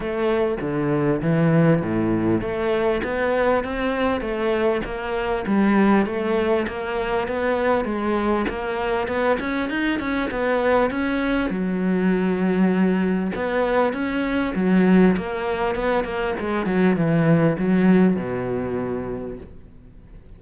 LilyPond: \new Staff \with { instrumentName = "cello" } { \time 4/4 \tempo 4 = 99 a4 d4 e4 a,4 | a4 b4 c'4 a4 | ais4 g4 a4 ais4 | b4 gis4 ais4 b8 cis'8 |
dis'8 cis'8 b4 cis'4 fis4~ | fis2 b4 cis'4 | fis4 ais4 b8 ais8 gis8 fis8 | e4 fis4 b,2 | }